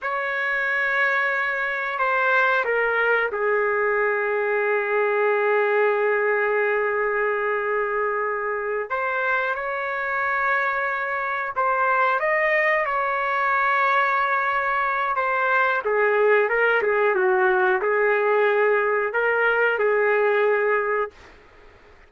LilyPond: \new Staff \with { instrumentName = "trumpet" } { \time 4/4 \tempo 4 = 91 cis''2. c''4 | ais'4 gis'2.~ | gis'1~ | gis'4. c''4 cis''4.~ |
cis''4. c''4 dis''4 cis''8~ | cis''2. c''4 | gis'4 ais'8 gis'8 fis'4 gis'4~ | gis'4 ais'4 gis'2 | }